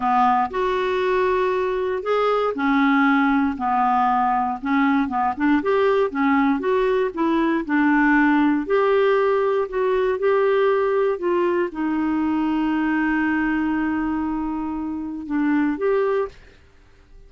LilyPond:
\new Staff \with { instrumentName = "clarinet" } { \time 4/4 \tempo 4 = 118 b4 fis'2. | gis'4 cis'2 b4~ | b4 cis'4 b8 d'8 g'4 | cis'4 fis'4 e'4 d'4~ |
d'4 g'2 fis'4 | g'2 f'4 dis'4~ | dis'1~ | dis'2 d'4 g'4 | }